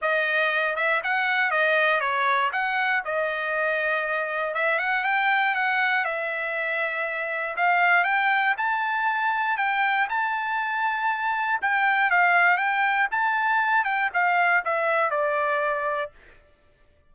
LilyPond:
\new Staff \with { instrumentName = "trumpet" } { \time 4/4 \tempo 4 = 119 dis''4. e''8 fis''4 dis''4 | cis''4 fis''4 dis''2~ | dis''4 e''8 fis''8 g''4 fis''4 | e''2. f''4 |
g''4 a''2 g''4 | a''2. g''4 | f''4 g''4 a''4. g''8 | f''4 e''4 d''2 | }